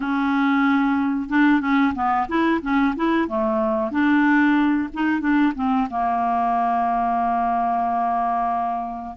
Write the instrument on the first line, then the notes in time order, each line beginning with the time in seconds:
clarinet
0.00 C#4
1.29 D4
1.61 C#4
1.94 B3
2.28 E4
2.62 C#4
2.96 E4
3.28 A3
3.91 D4
4.93 D#4
5.20 D4
5.55 C4
5.90 A#3